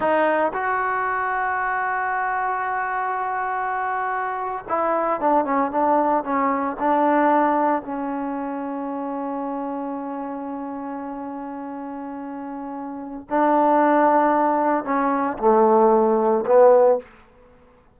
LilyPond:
\new Staff \with { instrumentName = "trombone" } { \time 4/4 \tempo 4 = 113 dis'4 fis'2.~ | fis'1~ | fis'8. e'4 d'8 cis'8 d'4 cis'16~ | cis'8. d'2 cis'4~ cis'16~ |
cis'1~ | cis'1~ | cis'4 d'2. | cis'4 a2 b4 | }